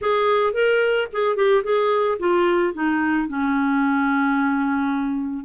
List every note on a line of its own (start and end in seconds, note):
0.01 0.53 G#4
0.53 1.07 A#4
1.12 1.36 G#4
1.36 1.63 G4
1.63 2.18 G#4
2.19 2.73 F4
2.73 3.28 D#4
3.28 5.44 C#4